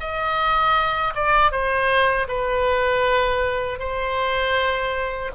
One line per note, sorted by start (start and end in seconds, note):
0.00 1.14 D#5
1.15 1.52 D5
1.52 2.28 C5
2.28 3.79 B4
3.79 5.31 C5